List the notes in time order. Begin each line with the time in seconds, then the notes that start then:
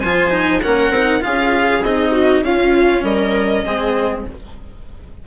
0.00 F3 F4 C5 G#5
0.31 D#4
0.62 A#3 C#4 A#4 F#5
0.90 C4
0.96 D#4
1.20 F4 G#4 F5
1.26 C#4
1.83 C4 D#4 D#5
2.12 F#4
2.42 C#4 F4 F5
3.03 G3 A#4 D#5
3.65 G#3 C4 G#4